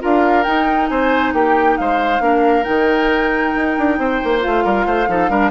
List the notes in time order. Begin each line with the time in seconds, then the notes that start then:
0.00 D4 F4 A#4 F5
0.43 D#4 G5
0.88 C4 C5 G#5
1.33 A#3 G4 G5
1.78 G#3 C5 F5
2.20 A#3 D4 A#4
2.63 D#3 D#4 G5
3.55 D#4
3.78 D4
3.99 C4 C5
4.24 A#3
4.40 F4 F5
4.46 A3
4.64 G3 A#4
4.86 A3 C5
5.08 F3 D#4 A4
5.29 G3 D4 A#4